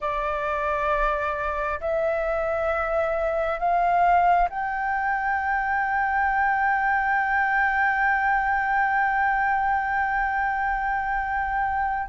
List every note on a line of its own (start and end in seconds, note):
0.00 1.80 D5
1.80 3.59 E5
3.59 4.48 F5
4.49 12.09 G5